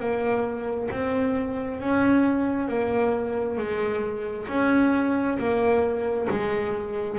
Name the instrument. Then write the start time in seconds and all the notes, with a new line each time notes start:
double bass
0.00 A#3
0.91 C4
1.81 C#4
2.69 A#3
3.58 G#3
4.49 C#4
5.39 A#3
6.30 G#3